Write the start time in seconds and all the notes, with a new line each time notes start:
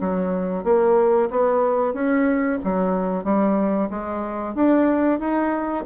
0.00 F#3
0.64 A#3
1.30 B3
1.93 C#4
2.64 F#3
3.24 G3
3.90 G#3
4.54 D4
5.19 D#4